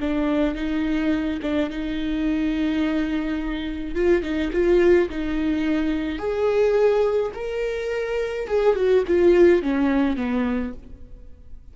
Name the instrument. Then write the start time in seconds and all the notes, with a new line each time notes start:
viola
0.00 D4
0.55 D#4
1.42 D4
1.70 D#4
3.95 F4
4.23 D#4
4.52 F4
5.09 D#4
6.19 G#4
7.34 A#4
8.48 G#4
8.76 F#4
9.07 F4
9.62 C#4
10.16 B3